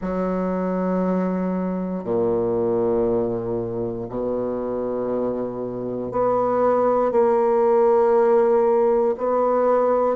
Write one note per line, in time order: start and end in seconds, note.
0.00 2.03 F#3
2.03 4.07 A#2
4.09 6.11 B2
6.11 7.11 B3
7.11 9.15 A#3
9.18 10.16 B3